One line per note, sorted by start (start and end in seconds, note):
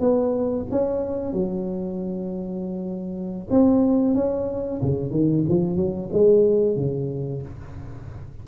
0.00 0.66 B3
0.71 1.33 C#4
1.33 3.48 F#3
3.50 4.15 C4
4.15 4.81 C#4
4.82 5.11 C#3
5.11 5.44 D#3
5.49 5.77 F3
5.77 6.10 F#3
6.13 6.76 G#3
6.76 7.42 C#3